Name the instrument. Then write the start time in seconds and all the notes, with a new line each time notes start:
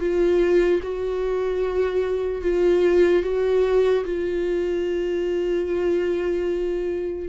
viola
0.00 F4
0.83 F#4
2.42 F4
3.23 F#4
4.05 F4